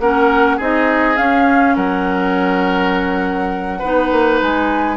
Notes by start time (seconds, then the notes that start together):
0.00 A#3 C#4 A#4 F#5
0.57 C4 D#4 G#4 D#5
1.17 C#4 F5
1.76 F#3 A#4 F#5
3.79 B3 D#4 B4
4.12 A#3
4.42 G#3 G#5